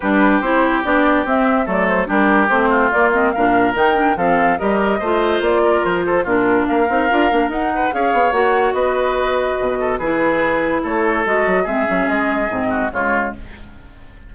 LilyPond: <<
  \new Staff \with { instrumentName = "flute" } { \time 4/4 \tempo 4 = 144 b'4 c''4 d''4 e''4 | d''8 c''8 ais'4 c''4 d''8 dis''8 | f''4 g''4 f''4 dis''4~ | dis''4 d''4 c''4 ais'4 |
f''2 fis''4 f''4 | fis''4 dis''2. | b'2 cis''4 dis''4 | e''4 dis''2 cis''4 | }
  \new Staff \with { instrumentName = "oboe" } { \time 4/4 g'1 | a'4 g'4. f'4. | ais'2 a'4 ais'4 | c''4. ais'4 a'8 f'4 |
ais'2~ ais'8 b'8 cis''4~ | cis''4 b'2~ b'8 a'8 | gis'2 a'2 | gis'2~ gis'8 fis'8 f'4 | }
  \new Staff \with { instrumentName = "clarinet" } { \time 4/4 d'4 e'4 d'4 c'4 | a4 d'4 c'4 ais8 c'8 | d'4 dis'8 d'8 c'4 g'4 | f'2. d'4~ |
d'8 dis'8 f'8 d'8 dis'4 gis'4 | fis'1 | e'2. fis'4 | c'8 cis'4. c'4 gis4 | }
  \new Staff \with { instrumentName = "bassoon" } { \time 4/4 g4 c'4 b4 c'4 | fis4 g4 a4 ais4 | ais,4 dis4 f4 g4 | a4 ais4 f4 ais,4 |
ais8 c'8 d'8 ais8 dis'4 cis'8 b8 | ais4 b2 b,4 | e2 a4 gis8 fis8 | gis8 fis8 gis4 gis,4 cis4 | }
>>